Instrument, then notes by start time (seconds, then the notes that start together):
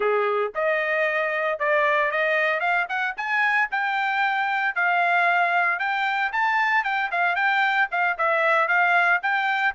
trumpet
0.00 G#4
0.55 D#5
1.59 D5
2.11 D#5
2.60 F5
2.88 F#5
3.16 G#5
3.71 G5
4.75 F5
5.79 G5
6.32 A5
6.83 G5
7.11 F5
7.35 G5
7.91 F5
8.17 E5
8.67 F5
9.22 G5